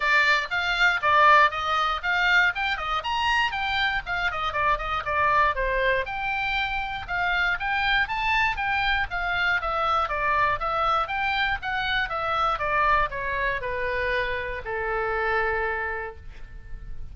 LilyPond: \new Staff \with { instrumentName = "oboe" } { \time 4/4 \tempo 4 = 119 d''4 f''4 d''4 dis''4 | f''4 g''8 dis''8 ais''4 g''4 | f''8 dis''8 d''8 dis''8 d''4 c''4 | g''2 f''4 g''4 |
a''4 g''4 f''4 e''4 | d''4 e''4 g''4 fis''4 | e''4 d''4 cis''4 b'4~ | b'4 a'2. | }